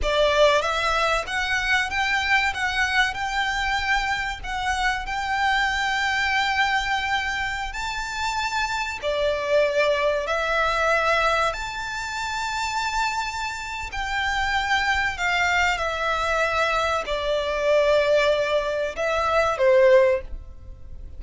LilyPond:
\new Staff \with { instrumentName = "violin" } { \time 4/4 \tempo 4 = 95 d''4 e''4 fis''4 g''4 | fis''4 g''2 fis''4 | g''1~ | g''16 a''2 d''4.~ d''16~ |
d''16 e''2 a''4.~ a''16~ | a''2 g''2 | f''4 e''2 d''4~ | d''2 e''4 c''4 | }